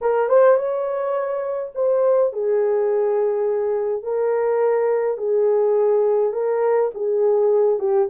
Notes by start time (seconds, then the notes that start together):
0.01 A#4
0.28 C5
0.56 C#5
1.75 C5
2.32 G#4
4.02 A#4
5.17 G#4
6.33 A#4
6.94 G#4
7.79 G4